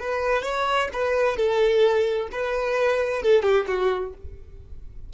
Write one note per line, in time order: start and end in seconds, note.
0.00 0.43 B4
0.43 0.89 C#5
0.93 1.37 B4
1.37 2.29 A4
2.32 3.22 B4
3.22 3.43 A4
3.43 3.66 G4
3.68 4.13 F#4